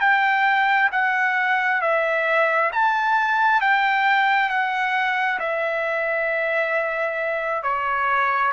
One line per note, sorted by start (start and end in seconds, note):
0.00 0.90 G5
0.92 1.82 F#5
1.82 2.71 E5
2.72 3.61 A5
3.61 4.49 G5
4.49 5.39 F#5
5.39 7.63 E5
7.63 8.53 C#5